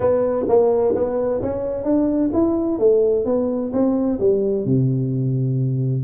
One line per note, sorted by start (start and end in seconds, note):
0.00 0.45 B3
0.48 0.94 A#3
0.95 1.41 B3
1.41 1.84 C#4
1.84 2.30 D4
2.33 2.79 E4
2.79 3.25 A3
3.25 3.71 B3
3.73 4.19 C4
4.19 4.65 G3
4.65 6.03 C3